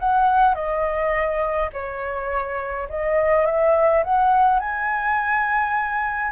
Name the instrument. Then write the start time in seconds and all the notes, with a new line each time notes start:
flute
0.00 F#5
0.55 D#5
1.73 C#5
2.90 D#5
3.46 E5
4.04 F#5
4.60 G#5